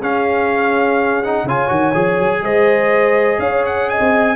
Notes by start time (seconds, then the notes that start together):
0.00 C#4 G#4 F5
1.23 D#4 F#5
1.43 C#3 F4 C#5 G#5
1.68 D#3 F#4
1.94 F3 G#4
2.19 F#3
2.41 G#3 C5 D#5
3.38 C#4 C#5 F5
3.66 F#5
3.90 D#5 G#5
4.00 C4